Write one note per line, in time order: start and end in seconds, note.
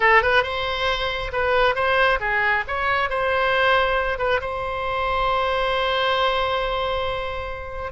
0.00 0.22 A4
0.22 0.43 B4
0.43 1.31 C5
1.32 1.75 B4
1.75 2.19 C5
2.19 2.64 G#4
2.67 3.09 C#5
3.09 4.18 C5
4.18 4.40 B4
4.40 7.92 C5